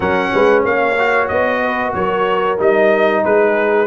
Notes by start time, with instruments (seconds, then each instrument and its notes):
0.00 tuba F#3, trombone C#4, horn A#4, trumpet F#5
0.33 tuba G#3, horn B4
0.63 tuba A#3, horn C#5, trumpet F5
0.99 trombone F#4
1.28 tuba B3, trumpet D#5
1.60 horn B4
1.94 tuba F#3, horn A#4, trumpet C#5
2.58 tuba G3, trombone D#4, trumpet D#5
3.24 tuba G#3, horn G#4, trumpet B4